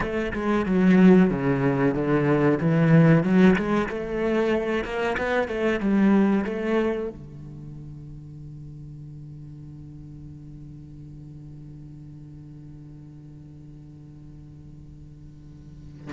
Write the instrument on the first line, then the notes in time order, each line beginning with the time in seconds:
cello
0.00 A3
0.33 G#3
0.65 F#3
1.30 C#3
1.94 D3
2.60 E3
3.23 F#3
3.56 G#3
3.89 A3
4.84 A#3
5.17 B3
5.48 A3
5.80 G3
6.44 A3
7.09 D3